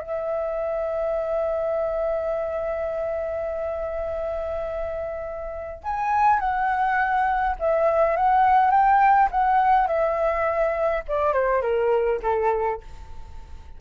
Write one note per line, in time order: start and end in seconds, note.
0.00 5.83 E5
5.83 6.39 G#5
6.39 7.56 F#5
7.59 8.16 E5
8.16 8.71 F#5
8.71 9.29 G5
9.31 9.87 F#5
9.87 11.03 E5
11.08 11.32 D5
11.32 11.62 C5
11.62 12.20 A#4
12.22 12.80 A4